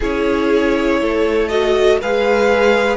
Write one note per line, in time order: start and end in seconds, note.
0.00 1.01 C#4
0.00 1.50 E4
0.00 0.99 G#4
0.00 1.48 C#5
1.01 2.01 A3
1.01 2.00 A4
1.48 2.00 F#4
1.48 1.98 D#5
2.00 2.96 G#3
2.00 2.96 G#4
2.00 2.96 B4
2.00 2.96 F5